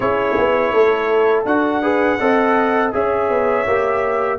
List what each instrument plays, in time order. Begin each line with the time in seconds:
0.00 tuba C#4, trombone E4, horn G#4, trumpet C#5
0.37 tuba B3
0.73 tuba A3, horn A4
1.45 tuba D4, trombone F#4, trumpet F#5
1.82 trombone G#4, horn B4
2.19 tuba C4, trombone A4, horn D#5
2.92 tuba C#4, trombone G#4, horn C#5, trumpet E5
3.29 tuba B3
3.66 tuba A#3, trombone G4